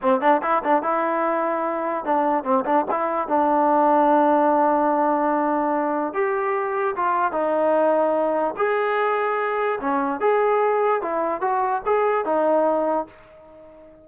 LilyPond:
\new Staff \with { instrumentName = "trombone" } { \time 4/4 \tempo 4 = 147 c'8 d'8 e'8 d'8 e'2~ | e'4 d'4 c'8 d'8 e'4 | d'1~ | d'2. g'4~ |
g'4 f'4 dis'2~ | dis'4 gis'2. | cis'4 gis'2 e'4 | fis'4 gis'4 dis'2 | }